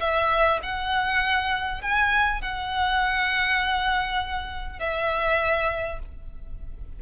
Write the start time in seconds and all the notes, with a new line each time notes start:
0.00 E5
0.63 F#5
1.82 G#5
2.42 F#5
4.79 E5